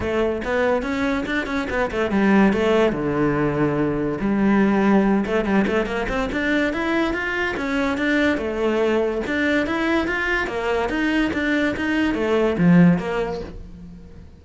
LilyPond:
\new Staff \with { instrumentName = "cello" } { \time 4/4 \tempo 4 = 143 a4 b4 cis'4 d'8 cis'8 | b8 a8 g4 a4 d4~ | d2 g2~ | g8 a8 g8 a8 ais8 c'8 d'4 |
e'4 f'4 cis'4 d'4 | a2 d'4 e'4 | f'4 ais4 dis'4 d'4 | dis'4 a4 f4 ais4 | }